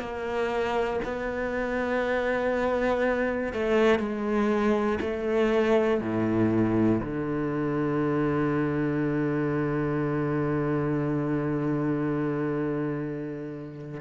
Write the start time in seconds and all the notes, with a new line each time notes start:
0.00 A#3
1.04 B3
3.53 A3
3.99 G#3
5.01 A3
6.00 A2
7.01 D3